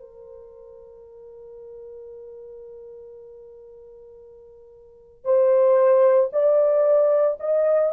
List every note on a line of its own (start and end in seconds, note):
0.00 5.24 A#4
5.24 6.30 C5
6.33 7.38 D5
7.40 7.92 D#5